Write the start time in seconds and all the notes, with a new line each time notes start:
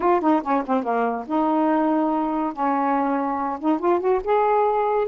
0.00 F4
0.20 D#4
0.42 C#4
0.66 C4
0.83 A#3
1.27 D#4
2.53 C#4
3.59 D#4
3.79 F4
3.99 F#4
4.23 G#4